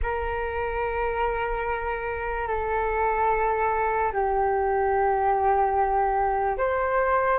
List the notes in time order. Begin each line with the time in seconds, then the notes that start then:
0.02 A#4
2.47 A4
4.12 G4
6.58 C5